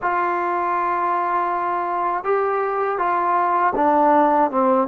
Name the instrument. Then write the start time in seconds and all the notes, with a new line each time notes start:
trombone
0.02 F4
2.23 G4
2.98 F4
3.75 D4
4.50 C4